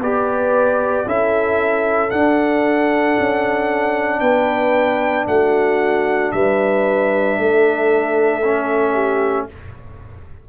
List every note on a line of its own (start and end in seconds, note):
0.00 1.05 B3
0.00 1.06 G4
0.00 1.06 B4
0.00 1.08 D5
1.05 2.11 C#4
1.05 2.11 E4
1.05 4.20 A4
1.05 2.10 E5
2.10 8.42 D4
2.10 3.17 D4
2.10 4.20 F#5
3.19 4.21 C#4
4.20 5.26 B3
4.20 5.26 B4
4.20 5.25 G5
5.27 6.32 A3
5.27 6.34 F#4
5.27 6.31 F#5
6.31 7.38 G3
6.31 7.39 B4
6.31 9.47 E5
7.38 9.48 A3
7.38 8.93 A4
8.44 9.49 C#4
8.93 9.45 G4